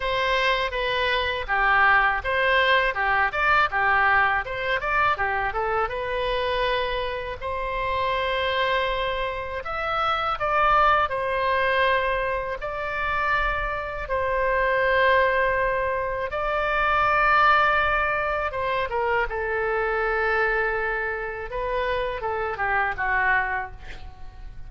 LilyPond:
\new Staff \with { instrumentName = "oboe" } { \time 4/4 \tempo 4 = 81 c''4 b'4 g'4 c''4 | g'8 d''8 g'4 c''8 d''8 g'8 a'8 | b'2 c''2~ | c''4 e''4 d''4 c''4~ |
c''4 d''2 c''4~ | c''2 d''2~ | d''4 c''8 ais'8 a'2~ | a'4 b'4 a'8 g'8 fis'4 | }